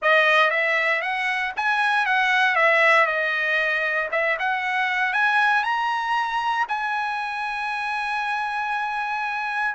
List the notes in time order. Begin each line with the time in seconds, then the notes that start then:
0.01 D#5
0.50 E5
1.01 F#5
1.56 G#5
2.05 F#5
2.55 E5
3.06 D#5
4.11 E5
4.39 F#5
5.13 G#5
5.63 A#5
6.68 G#5